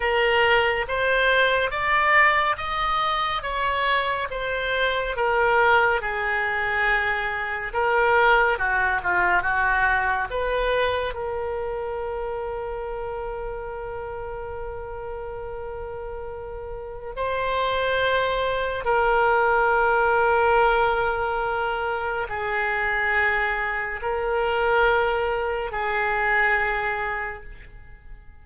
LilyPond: \new Staff \with { instrumentName = "oboe" } { \time 4/4 \tempo 4 = 70 ais'4 c''4 d''4 dis''4 | cis''4 c''4 ais'4 gis'4~ | gis'4 ais'4 fis'8 f'8 fis'4 | b'4 ais'2.~ |
ais'1 | c''2 ais'2~ | ais'2 gis'2 | ais'2 gis'2 | }